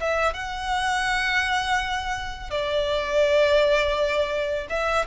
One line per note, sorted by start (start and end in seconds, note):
0.00 0.34 E5
0.34 2.50 F#5
2.50 4.67 D5
4.70 5.06 E5